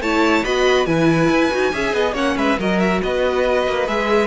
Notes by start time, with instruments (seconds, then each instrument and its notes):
0.00 cello A3, viola E4, violin C#5 A5
0.44 cello B3, viola F#4, violin D#5 B5
0.86 cello E3, viola E4, violin B4 G#5
1.30 cello E4
1.51 cello D#4, viola F#4
1.72 cello C#4, viola G#4, violin E5
1.93 cello B3, violin D#5
2.13 cello A#3, viola C#4, violin C#5 F#5
2.36 cello G#3, violin B4 E5
2.59 cello F#3, viola F#4, violin A#4 D#5
2.79 violin E5
3.02 cello B3, violin B4 D#5
3.67 cello A#3
3.87 cello G#3, viola G#4, violin E5